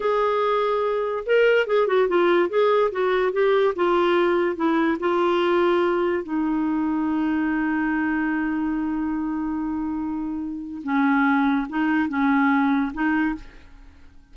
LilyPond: \new Staff \with { instrumentName = "clarinet" } { \time 4/4 \tempo 4 = 144 gis'2. ais'4 | gis'8 fis'8 f'4 gis'4 fis'4 | g'4 f'2 e'4 | f'2. dis'4~ |
dis'1~ | dis'1~ | dis'2 cis'2 | dis'4 cis'2 dis'4 | }